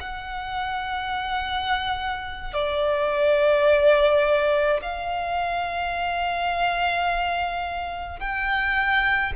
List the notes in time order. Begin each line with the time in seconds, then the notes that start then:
0.00 F#5
2.54 D5
4.82 F5
8.20 G5